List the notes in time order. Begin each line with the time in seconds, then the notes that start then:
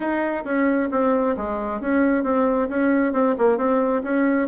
0.00 D#4
0.44 C#4
0.91 C4
1.37 G#3
1.80 C#4
2.23 C4
2.69 C#4
3.12 C4
3.38 A#3
3.57 C4
4.03 C#4